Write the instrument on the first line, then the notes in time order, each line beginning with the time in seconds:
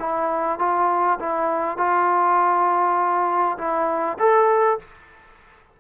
trombone
0.00 E4
0.59 F4
1.20 E4
1.78 F4
3.58 E4
4.19 A4